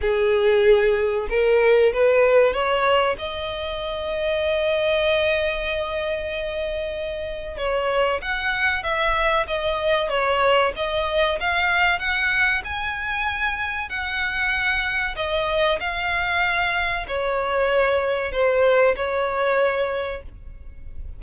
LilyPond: \new Staff \with { instrumentName = "violin" } { \time 4/4 \tempo 4 = 95 gis'2 ais'4 b'4 | cis''4 dis''2.~ | dis''1 | cis''4 fis''4 e''4 dis''4 |
cis''4 dis''4 f''4 fis''4 | gis''2 fis''2 | dis''4 f''2 cis''4~ | cis''4 c''4 cis''2 | }